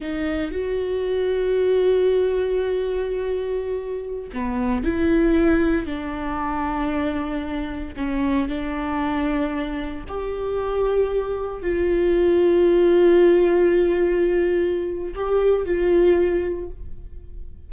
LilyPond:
\new Staff \with { instrumentName = "viola" } { \time 4/4 \tempo 4 = 115 dis'4 fis'2.~ | fis'1~ | fis'16 b4 e'2 d'8.~ | d'2.~ d'16 cis'8.~ |
cis'16 d'2. g'8.~ | g'2~ g'16 f'4.~ f'16~ | f'1~ | f'4 g'4 f'2 | }